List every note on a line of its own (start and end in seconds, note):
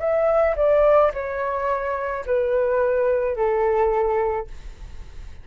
0.00 0.56 E5
0.57 1.12 D5
1.14 2.25 C#5
2.26 3.36 B4
3.36 4.47 A4